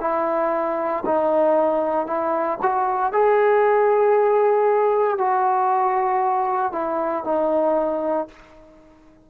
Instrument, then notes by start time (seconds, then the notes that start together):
trombone
0.00 E4
1.05 D#4
2.06 E4
2.62 F#4
3.13 G#4
5.18 F#4
6.72 E4
7.24 D#4